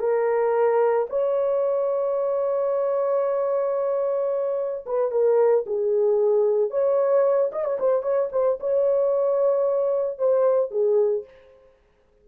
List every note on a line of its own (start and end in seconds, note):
0.00 1.07 A#4
1.10 4.85 C#5
4.87 5.12 B4
5.12 5.65 A#4
5.67 6.71 G#4
6.71 7.51 C#5
7.52 7.65 D#5
7.65 7.78 C#5
7.80 8.03 C5
8.03 8.30 C#5
8.33 8.59 C5
8.61 10.19 C#5
10.19 10.71 C5
10.71 11.25 G#4